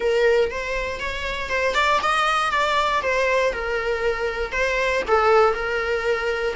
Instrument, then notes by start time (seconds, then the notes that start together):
viola
0.00 A#4
0.50 C5
1.00 C#5
1.49 C5
1.74 D5
2.02 D#5
2.51 D5
3.02 C5
3.52 A#4
4.52 C5
5.07 A4
5.53 A#4